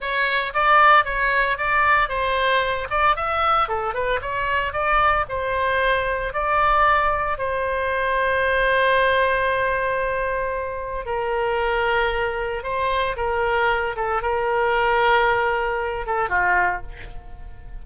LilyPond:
\new Staff \with { instrumentName = "oboe" } { \time 4/4 \tempo 4 = 114 cis''4 d''4 cis''4 d''4 | c''4. d''8 e''4 a'8 b'8 | cis''4 d''4 c''2 | d''2 c''2~ |
c''1~ | c''4 ais'2. | c''4 ais'4. a'8 ais'4~ | ais'2~ ais'8 a'8 f'4 | }